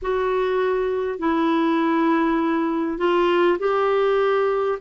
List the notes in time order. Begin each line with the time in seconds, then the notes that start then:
0.02 F#4
1.18 E4
2.98 F4
3.58 G4